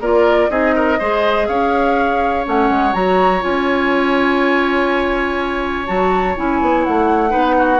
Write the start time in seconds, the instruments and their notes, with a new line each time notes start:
0.00 bassoon A#3, clarinet F4, oboe A#4, flute D5
0.49 bassoon C4, clarinet D#4, oboe G#4, flute D#5
0.75 oboe A#4
0.99 bassoon G#3, clarinet G#4, oboe C5
1.47 bassoon C#4, oboe C#5, flute F5
2.44 bassoon A3, clarinet C#4, flute F#5
2.70 bassoon G#3
2.93 bassoon F#3, clarinet F#4, flute A#5
3.41 bassoon C#4, clarinet F4, flute G#5
5.86 bassoon F#3, clarinet F#4, flute A5
6.36 bassoon C#4, clarinet E4, flute G#5
6.61 bassoon B3
6.84 bassoon A3, flute F#5
7.29 bassoon B3, clarinet D#4, oboe B4
7.58 oboe F#4